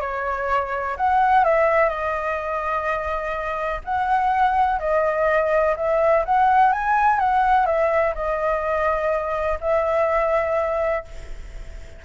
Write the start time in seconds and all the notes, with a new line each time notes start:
0.00 C#5
0.96 F#5
1.44 E5
1.89 D#5
3.84 F#5
4.79 D#5
5.76 E5
6.25 F#5
6.72 G#5
7.19 F#5
7.66 E5
8.14 D#5
9.60 E5